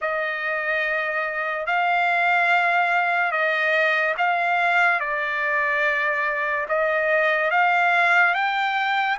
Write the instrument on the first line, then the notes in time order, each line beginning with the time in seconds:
trumpet
0.01 D#5
1.66 F5
3.31 D#5
4.17 F5
5.00 D5
6.68 D#5
7.50 F5
8.34 G5